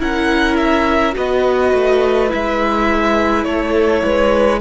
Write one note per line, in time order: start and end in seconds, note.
0.00 1.15 C#4
0.00 1.14 E4
0.00 1.16 A#4
0.00 0.57 F#5
0.57 1.14 E5
1.14 1.74 B3
1.14 2.29 F#4
1.14 3.46 B4
1.14 2.32 D#5
1.74 2.31 A3
2.29 3.45 G#3
2.29 4.60 E4
2.29 3.44 E5
3.44 4.03 A3
3.44 4.03 A4
3.44 4.60 C#5
4.03 4.62 G#3
4.03 4.61 B4